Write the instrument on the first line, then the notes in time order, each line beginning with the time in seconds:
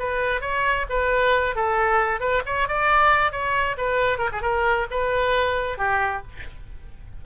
oboe
0.00 B4
0.42 C#5
0.90 B4
1.56 A4
2.21 B4
2.46 C#5
2.68 D5
3.32 C#5
3.78 B4
4.19 A#4
4.33 G#4
4.42 A#4
4.91 B4
5.78 G4